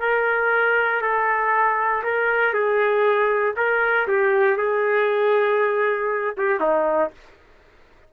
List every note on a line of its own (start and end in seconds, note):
0.00 1.01 A#4
1.01 2.03 A4
2.03 2.54 A#4
2.54 3.55 G#4
3.56 4.07 A#4
4.07 4.57 G4
4.57 6.35 G#4
6.37 6.60 G4
6.60 7.10 D#4